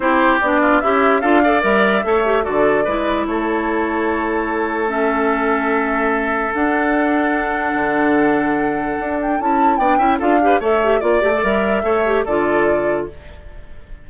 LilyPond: <<
  \new Staff \with { instrumentName = "flute" } { \time 4/4 \tempo 4 = 147 c''4 d''4 e''4 f''4 | e''2 d''2 | cis''1 | e''1 |
fis''1~ | fis''2~ fis''8 g''8 a''4 | g''4 f''4 e''4 d''4 | e''2 d''2 | }
  \new Staff \with { instrumentName = "oboe" } { \time 4/4 g'4. f'8 e'4 a'8 d''8~ | d''4 cis''4 a'4 b'4 | a'1~ | a'1~ |
a'1~ | a'1 | d''8 e''8 a'8 b'8 cis''4 d''4~ | d''4 cis''4 a'2 | }
  \new Staff \with { instrumentName = "clarinet" } { \time 4/4 e'4 d'4 g'4 f'8 a'8 | ais'4 a'8 g'8 fis'4 e'4~ | e'1 | cis'1 |
d'1~ | d'2. e'4 | d'8 e'8 f'8 g'8 a'8 g'8 f'8 g'16 a'16 | ais'4 a'8 g'8 f'2 | }
  \new Staff \with { instrumentName = "bassoon" } { \time 4/4 c'4 b4 cis'4 d'4 | g4 a4 d4 gis4 | a1~ | a1 |
d'2. d4~ | d2 d'4 cis'4 | b8 cis'8 d'4 a4 ais8 a8 | g4 a4 d2 | }
>>